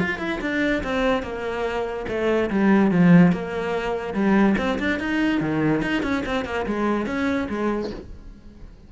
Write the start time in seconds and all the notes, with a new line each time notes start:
0.00 F4
0.19 E4
0.41 D4
0.84 C4
1.23 A#3
2.08 A3
2.51 G3
2.91 F3
3.33 A#3
4.14 G3
4.58 C4
4.79 D4
5.00 D#4
5.41 D#3
5.82 D#4
6.03 C#4
6.26 C4
6.45 A#3
6.66 G#3
7.06 C#4
7.49 G#3